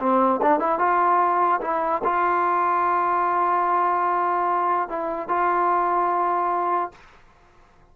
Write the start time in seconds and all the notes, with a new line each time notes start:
0.00 C4
0.42 D4
0.60 E4
0.79 F4
1.61 E4
2.04 F4
4.89 E4
5.29 F4